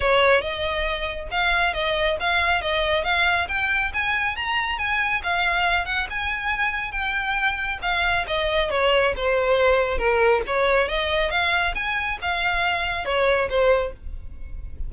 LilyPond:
\new Staff \with { instrumentName = "violin" } { \time 4/4 \tempo 4 = 138 cis''4 dis''2 f''4 | dis''4 f''4 dis''4 f''4 | g''4 gis''4 ais''4 gis''4 | f''4. fis''8 gis''2 |
g''2 f''4 dis''4 | cis''4 c''2 ais'4 | cis''4 dis''4 f''4 gis''4 | f''2 cis''4 c''4 | }